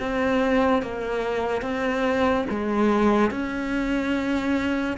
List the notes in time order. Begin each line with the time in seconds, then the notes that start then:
0.00 C4
0.82 A#3
1.62 C4
2.50 G#3
3.31 C#4